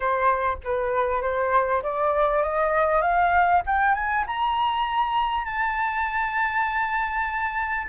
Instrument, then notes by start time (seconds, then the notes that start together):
flute
0.00 C5
0.64 B4
1.21 C5
1.82 D5
2.42 D#5
3.01 F5
3.66 G5
3.94 G#5
4.26 A#5
5.44 A5